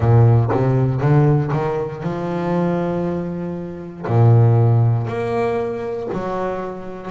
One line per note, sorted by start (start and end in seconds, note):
0.00 0.50 A#2
0.51 1.00 C3
1.00 1.51 D3
1.52 2.02 D#3
2.02 4.06 F3
4.07 5.07 A#2
5.07 6.08 A#3
6.12 7.10 F#3